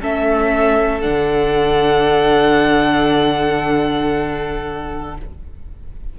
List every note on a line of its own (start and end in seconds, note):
0.00 1.05 A3
0.00 1.01 C#4
0.00 5.17 A4
0.00 1.01 E5
1.01 5.19 D3
1.01 5.15 D4
1.01 5.15 F#5